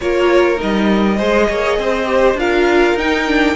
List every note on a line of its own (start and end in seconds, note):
0.00 0.60 A#3
0.00 0.56 F4
0.00 1.16 A#4
0.00 0.60 C#5
0.56 1.16 D#4
0.56 2.38 D#5
0.62 1.19 G3
1.16 1.49 G#3
1.16 2.06 G#4
1.16 1.46 C5
1.48 1.78 A#3
1.48 1.78 C#5
1.78 2.34 C4
1.78 2.39 C5
2.06 2.36 G4
2.34 2.93 D4
2.34 2.98 F4
2.34 3.55 A#4
2.34 2.98 F5
2.94 3.53 D#4
2.94 3.27 D#4
2.94 3.55 G5
3.27 3.55 D4